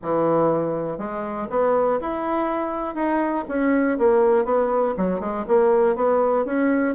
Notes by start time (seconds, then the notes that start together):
0.02 E3
0.98 G#3
1.49 B3
2.01 E4
2.94 D#4
3.48 C#4
3.98 A#3
4.44 B3
4.97 F#3
5.20 G#3
5.47 A#3
5.95 B3
6.45 C#4